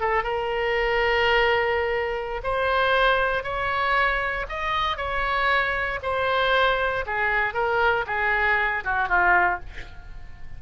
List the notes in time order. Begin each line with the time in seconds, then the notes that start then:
0.00 A4
0.23 A#4
2.43 C5
3.43 C#5
4.49 D#5
4.97 C#5
6.02 C5
7.06 G#4
7.53 A#4
8.06 G#4
8.84 F#4
9.08 F4